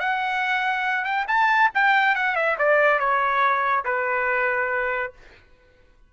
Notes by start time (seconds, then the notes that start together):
0.00 F#5
1.05 G5
1.28 A5
1.75 G5
2.15 F#5
2.36 E5
2.59 D5
3.00 C#5
3.85 B4